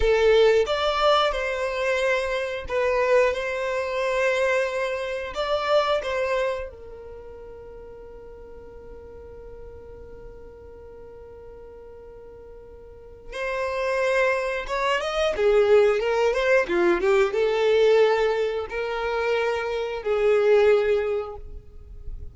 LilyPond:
\new Staff \with { instrumentName = "violin" } { \time 4/4 \tempo 4 = 90 a'4 d''4 c''2 | b'4 c''2. | d''4 c''4 ais'2~ | ais'1~ |
ais'1 | c''2 cis''8 dis''8 gis'4 | ais'8 c''8 f'8 g'8 a'2 | ais'2 gis'2 | }